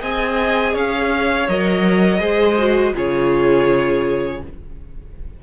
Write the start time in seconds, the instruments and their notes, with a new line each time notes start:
0.00 cello C4, viola G#4, violin D#5 G#5
0.74 cello C#4, violin C#5 F5
1.48 cello F#3, viola A#4, violin D#5
2.20 cello G#3, viola G#4, violin C5
2.58 viola F#4
2.94 cello C#3, viola F4, violin G#4 C#5